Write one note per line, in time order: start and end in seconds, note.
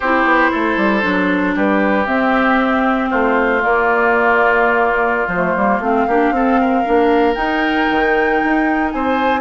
0.00 0.24 C4
0.00 1.02 E4
0.00 0.51 G4
0.00 1.55 C5
0.24 0.50 B3
0.51 0.77 A3
0.51 1.54 A4
0.77 1.02 G3
1.02 1.56 F#3
1.02 2.05 D4
1.55 2.07 G3
1.55 3.09 G4
1.55 2.05 B4
2.05 3.10 C4
2.05 3.60 C4
2.05 3.09 E5
3.09 3.64 A3
3.09 6.07 F4
3.09 3.61 C5
3.60 5.28 A#3
3.60 5.27 A#3
3.60 5.28 D5
5.27 5.53 F3
5.27 5.80 C5
5.35 5.57 A3
5.56 5.79 G3
5.56 5.82 A#3
5.79 6.05 A3
5.79 6.08 C4
5.79 7.34 F5
6.07 6.30 A#3
6.07 6.34 D4
6.07 6.33 G4
6.30 6.82 C4
6.30 6.84 C4
6.30 6.60 A4
6.60 8.93 A#4
6.84 7.35 A#3
6.84 7.34 D4
7.34 9.40 D#4
7.34 7.87 D#4
7.34 8.89 G5
7.90 8.42 D#3
8.43 8.93 D#4
8.91 9.40 C4
8.91 9.40 C5
8.91 9.40 G#5